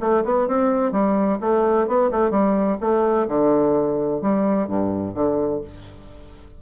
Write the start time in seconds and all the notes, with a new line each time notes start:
0.00 A3
0.24 B3
0.48 C4
0.91 G3
1.40 A3
1.87 B3
2.11 A3
2.30 G3
2.80 A3
3.27 D3
4.21 G3
4.67 G2
5.14 D3